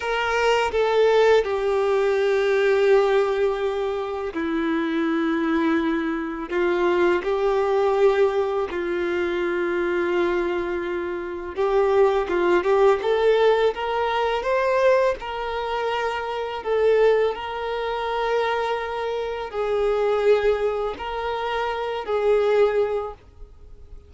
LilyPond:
\new Staff \with { instrumentName = "violin" } { \time 4/4 \tempo 4 = 83 ais'4 a'4 g'2~ | g'2 e'2~ | e'4 f'4 g'2 | f'1 |
g'4 f'8 g'8 a'4 ais'4 | c''4 ais'2 a'4 | ais'2. gis'4~ | gis'4 ais'4. gis'4. | }